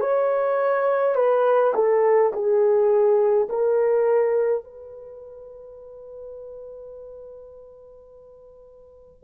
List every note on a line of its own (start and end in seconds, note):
0.00 1.15 C#5
1.15 1.73 B4
1.74 2.32 A4
2.33 3.48 G#4
3.49 4.64 A#4
4.64 9.24 B4